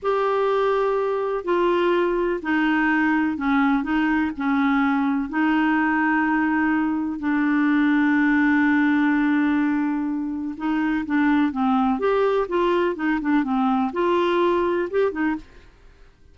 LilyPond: \new Staff \with { instrumentName = "clarinet" } { \time 4/4 \tempo 4 = 125 g'2. f'4~ | f'4 dis'2 cis'4 | dis'4 cis'2 dis'4~ | dis'2. d'4~ |
d'1~ | d'2 dis'4 d'4 | c'4 g'4 f'4 dis'8 d'8 | c'4 f'2 g'8 dis'8 | }